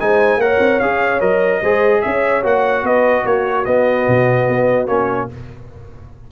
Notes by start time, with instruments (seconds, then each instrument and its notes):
0.00 tuba G#3, trombone D#4, horn C5, trumpet G#5
0.37 tuba A#3, trombone A#4, horn C#5, trumpet F#5
0.60 tuba C4
0.80 tuba C#4, trombone G#4, trumpet F5
1.20 tuba F#3, trombone A#4, trumpet D#5
1.61 tuba G#3, trombone G#4, horn C5
2.02 tuba C#4, horn C#5, trumpet E5
2.43 tuba A#3, trombone F#4, trumpet F#5
2.84 tuba B3, horn B4, trumpet D#5
3.25 tuba A#3, horn F#4, trumpet C#5
3.65 trombone B3, tuba B3, trumpet D#5
4.08 tuba B2
4.49 tuba B3
4.87 tuba A#3, trombone C#4, trumpet C#5